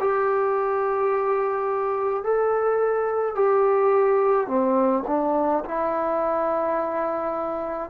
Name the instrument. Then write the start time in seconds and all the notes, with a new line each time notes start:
trombone
0.00 G4
2.23 A4
3.35 G4
4.47 C4
5.07 D4
5.64 E4